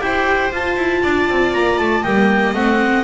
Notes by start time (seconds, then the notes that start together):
0.00 E4 G4 C5 G5
0.51 F4 A5
0.76 E4
1.03 D4 D5
1.29 C4
1.53 A#3 A#5
1.78 A3 A5
2.03 G3 A#3 D#5 G5
2.54 A3 C4 F#5